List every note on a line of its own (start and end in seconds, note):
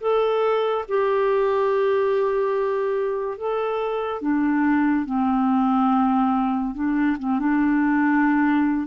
0.00 0.85 A4
0.88 3.37 G4
3.37 4.21 A4
4.21 5.05 D4
5.05 6.74 C4
6.74 7.16 D4
7.18 7.39 C4
7.39 8.87 D4